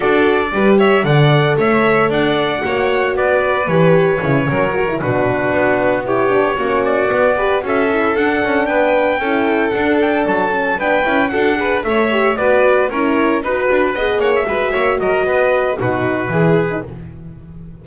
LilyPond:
<<
  \new Staff \with { instrumentName = "trumpet" } { \time 4/4 \tempo 4 = 114 d''4. e''8 fis''4 e''4 | fis''2 d''4 cis''4~ | cis''4. b'2 cis''8~ | cis''4 d''4. e''4 fis''8~ |
fis''8 g''2 fis''8 g''8 a''8~ | a''8 g''4 fis''4 e''4 d''8~ | d''8 cis''4 b'4. fis''16 e''8.~ | e''8 dis''4. b'2 | }
  \new Staff \with { instrumentName = "violin" } { \time 4/4 a'4 b'8 cis''8 d''4 cis''4 | d''4 cis''4 b'2~ | b'8 ais'4 fis'2 g'8~ | g'8 fis'4. b'8 a'4.~ |
a'8 b'4 a'2~ a'8~ | a'8 b'4 a'8 b'8 cis''4 b'8~ | b'8 ais'4 b'4 dis''8 cis''8 b'8 | cis''8 ais'8 b'4 fis'4 gis'4 | }
  \new Staff \with { instrumentName = "horn" } { \time 4/4 fis'4 g'4 a'2~ | a'4 fis'2 g'4 | e'8 cis'8 fis'16 e'16 d'2 e'8 | d'8 cis'4 b8 g'8 fis'8 e'8 d'8~ |
d'4. e'4 d'4. | cis'8 d'8 e'8 fis'8 gis'8 a'8 g'8 fis'8~ | fis'8 e'4 fis'4 gis'4 fis'8~ | fis'2 dis'4 e'8. dis'16 | }
  \new Staff \with { instrumentName = "double bass" } { \time 4/4 d'4 g4 d4 a4 | d'4 ais4 b4 e4 | cis8 fis4 b,4 b4.~ | b8 ais4 b4 cis'4 d'8 |
cis'8 b4 cis'4 d'4 fis8~ | fis8 b8 cis'8 d'4 a4 b8~ | b8 cis'4 dis'8 d'8 b8 ais8 gis8 | ais8 fis8 b4 b,4 e4 | }
>>